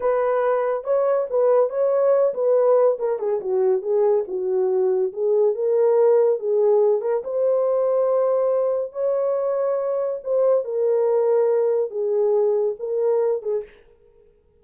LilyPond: \new Staff \with { instrumentName = "horn" } { \time 4/4 \tempo 4 = 141 b'2 cis''4 b'4 | cis''4. b'4. ais'8 gis'8 | fis'4 gis'4 fis'2 | gis'4 ais'2 gis'4~ |
gis'8 ais'8 c''2.~ | c''4 cis''2. | c''4 ais'2. | gis'2 ais'4. gis'8 | }